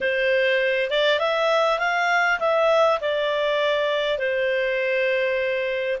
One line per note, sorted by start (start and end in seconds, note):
0.00 0.90 C5
0.90 1.19 D5
1.19 1.79 E5
1.79 2.39 F5
2.39 2.99 E5
3.00 4.18 D5
4.18 5.98 C5